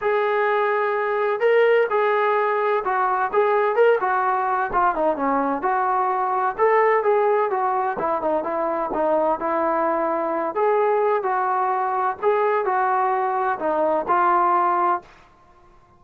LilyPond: \new Staff \with { instrumentName = "trombone" } { \time 4/4 \tempo 4 = 128 gis'2. ais'4 | gis'2 fis'4 gis'4 | ais'8 fis'4. f'8 dis'8 cis'4 | fis'2 a'4 gis'4 |
fis'4 e'8 dis'8 e'4 dis'4 | e'2~ e'8 gis'4. | fis'2 gis'4 fis'4~ | fis'4 dis'4 f'2 | }